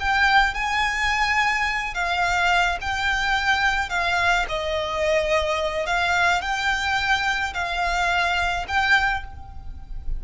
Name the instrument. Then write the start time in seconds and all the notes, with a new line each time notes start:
violin
0.00 G5
0.55 G#5
1.95 F5
2.81 G5
3.90 F5
4.49 D#5
5.86 F5
6.42 G5
7.54 F5
8.68 G5